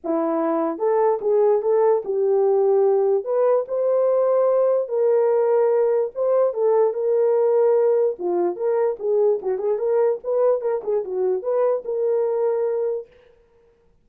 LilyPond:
\new Staff \with { instrumentName = "horn" } { \time 4/4 \tempo 4 = 147 e'2 a'4 gis'4 | a'4 g'2. | b'4 c''2. | ais'2. c''4 |
a'4 ais'2. | f'4 ais'4 gis'4 fis'8 gis'8 | ais'4 b'4 ais'8 gis'8 fis'4 | b'4 ais'2. | }